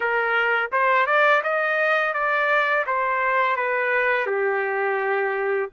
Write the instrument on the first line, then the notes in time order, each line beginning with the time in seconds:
trumpet
0.00 A#4
0.72 C5
1.06 D5
1.43 D#5
2.13 D5
2.86 C5
3.56 B4
4.26 G4